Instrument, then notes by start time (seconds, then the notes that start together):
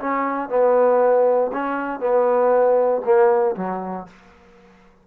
trombone
0.00 C#4
0.50 B3
1.53 C#4
2.00 B3
3.05 A#3
3.56 F#3